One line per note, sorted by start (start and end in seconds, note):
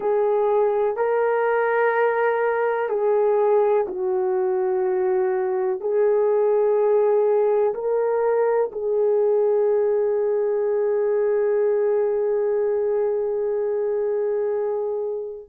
0.00 0.96 G#4
0.96 2.89 A#4
2.89 3.86 G#4
3.87 5.80 F#4
5.80 7.73 G#4
7.74 8.71 A#4
8.72 15.48 G#4